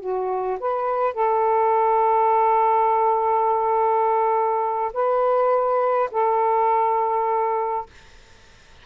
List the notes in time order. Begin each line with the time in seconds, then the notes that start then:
0.00 F#4
0.60 B4
1.14 A4
4.93 B4
6.11 A4